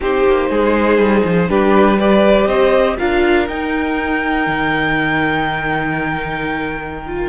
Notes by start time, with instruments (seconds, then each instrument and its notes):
0.00 cello C4, viola D#4, violin G4 C5
0.26 cello A#3
0.49 cello G#3, violin G#4
0.97 cello G3
1.24 cello F3
1.48 cello G3, viola D4, violin G4 B4
1.98 viola G4, violin B4 D5
2.46 cello C4, violin C5 D#5
2.96 cello D4, viola F4, violin A#4 F5
3.48 cello D#4, viola D#4, violin G5
4.46 cello D#3
7.06 viola F4